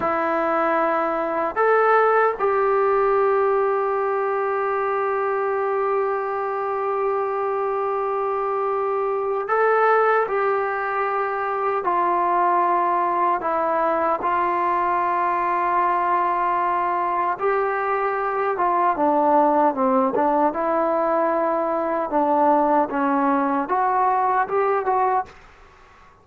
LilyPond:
\new Staff \with { instrumentName = "trombone" } { \time 4/4 \tempo 4 = 76 e'2 a'4 g'4~ | g'1~ | g'1 | a'4 g'2 f'4~ |
f'4 e'4 f'2~ | f'2 g'4. f'8 | d'4 c'8 d'8 e'2 | d'4 cis'4 fis'4 g'8 fis'8 | }